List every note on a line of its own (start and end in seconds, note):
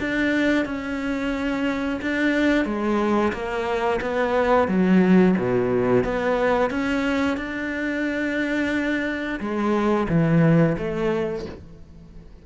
0.00 0.66 D4
0.66 2.00 C#4
2.02 2.65 D4
2.65 3.33 G#3
3.33 4.00 A#3
4.01 4.68 B3
4.68 5.35 F#3
5.38 6.04 B2
6.04 6.71 B3
6.71 7.38 C#4
7.38 9.40 D4
9.40 10.08 G#3
10.09 10.77 E3
10.78 11.46 A3